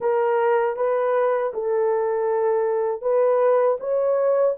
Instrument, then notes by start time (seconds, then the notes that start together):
horn
0.00 A#4
0.76 B4
1.53 A4
3.01 B4
3.80 C#5